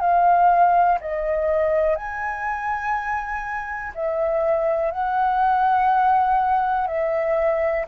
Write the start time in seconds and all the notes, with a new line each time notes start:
0.00 F5
1.01 D#5
1.95 G#5
3.94 E5
4.91 F#5
6.87 E5